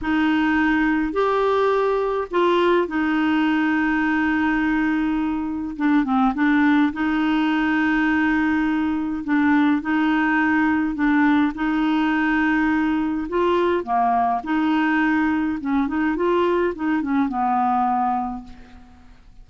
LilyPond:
\new Staff \with { instrumentName = "clarinet" } { \time 4/4 \tempo 4 = 104 dis'2 g'2 | f'4 dis'2.~ | dis'2 d'8 c'8 d'4 | dis'1 |
d'4 dis'2 d'4 | dis'2. f'4 | ais4 dis'2 cis'8 dis'8 | f'4 dis'8 cis'8 b2 | }